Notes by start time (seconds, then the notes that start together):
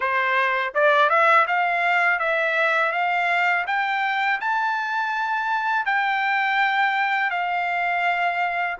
0.00 C5
0.74 D5
1.09 E5
1.47 F5
2.19 E5
2.92 F5
3.67 G5
4.40 A5
5.85 G5
7.30 F5